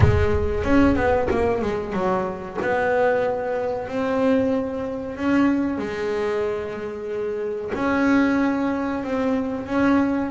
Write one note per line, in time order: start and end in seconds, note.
0.00 0.64 G#3
0.64 0.95 C#4
0.95 1.28 B3
1.30 1.61 A#3
1.61 1.92 G#3
1.92 2.57 F#3
2.61 3.88 B3
3.88 5.16 C4
5.16 5.77 C#4
5.77 7.71 G#3
7.74 9.03 C#4
9.03 9.66 C4
9.66 10.30 C#4